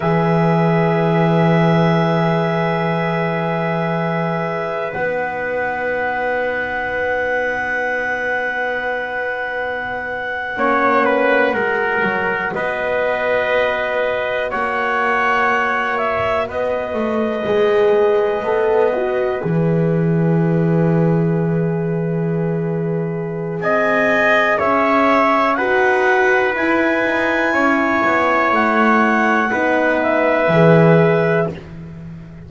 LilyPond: <<
  \new Staff \with { instrumentName = "clarinet" } { \time 4/4 \tempo 4 = 61 e''1~ | e''4 fis''2.~ | fis''1~ | fis''8. dis''2 fis''4~ fis''16~ |
fis''16 e''8 dis''2. e''16~ | e''1 | gis''4 e''4 fis''4 gis''4~ | gis''4 fis''4. e''4. | }
  \new Staff \with { instrumentName = "trumpet" } { \time 4/4 b'1~ | b'1~ | b'2~ b'8. cis''8 b'8 ais'16~ | ais'8. b'2 cis''4~ cis''16~ |
cis''8. b'2.~ b'16~ | b'1 | dis''4 cis''4 b'2 | cis''2 b'2 | }
  \new Staff \with { instrumentName = "horn" } { \time 4/4 gis'1~ | gis'4 dis'2.~ | dis'2~ dis'8. cis'4 fis'16~ | fis'1~ |
fis'4.~ fis'16 gis'4 a'8 fis'8 gis'16~ | gis'1~ | gis'2 fis'4 e'4~ | e'2 dis'4 gis'4 | }
  \new Staff \with { instrumentName = "double bass" } { \time 4/4 e1~ | e4 b2.~ | b2~ b8. ais4 gis16~ | gis16 fis8 b2 ais4~ ais16~ |
ais8. b8 a8 gis4 b4 e16~ | e1 | c'4 cis'4 dis'4 e'8 dis'8 | cis'8 b8 a4 b4 e4 | }
>>